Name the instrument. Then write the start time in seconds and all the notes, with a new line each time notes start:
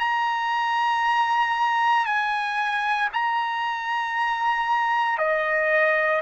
trumpet
0.00 A#5
2.06 G#5
3.14 A#5
5.19 D#5